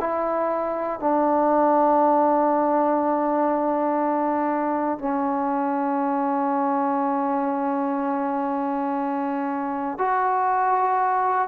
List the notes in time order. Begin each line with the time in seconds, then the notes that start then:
0.00 E4
1.00 D4
4.98 C#4
9.98 F#4